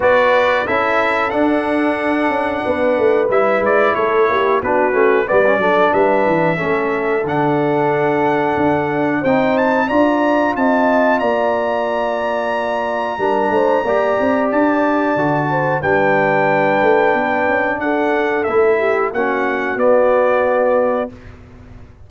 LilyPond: <<
  \new Staff \with { instrumentName = "trumpet" } { \time 4/4 \tempo 4 = 91 d''4 e''4 fis''2~ | fis''4 e''8 d''8 cis''4 b'4 | d''4 e''2 fis''4~ | fis''2 g''8 a''8 ais''4 |
a''4 ais''2.~ | ais''2 a''2 | g''2. fis''4 | e''4 fis''4 d''2 | }
  \new Staff \with { instrumentName = "horn" } { \time 4/4 b'4 a'2. | b'2 a'8 g'8 fis'4 | b'8 a'8 b'4 a'2~ | a'2 c''4 d''4 |
dis''4 d''2. | ais'8 c''8 d''2~ d''8 c''8 | b'2. a'4~ | a'8 g'8 fis'2. | }
  \new Staff \with { instrumentName = "trombone" } { \time 4/4 fis'4 e'4 d'2~ | d'4 e'2 d'8 cis'8 | b16 cis'16 d'4. cis'4 d'4~ | d'2 dis'4 f'4~ |
f'1 | d'4 g'2 fis'4 | d'1 | e'4 cis'4 b2 | }
  \new Staff \with { instrumentName = "tuba" } { \time 4/4 b4 cis'4 d'4. cis'8 | b8 a8 g8 gis8 a8 ais8 b8 a8 | g8 fis8 g8 e8 a4 d4~ | d4 d'4 c'4 d'4 |
c'4 ais2. | g8 a8 ais8 c'8 d'4 d4 | g4. a8 b8 cis'8 d'4 | a4 ais4 b2 | }
>>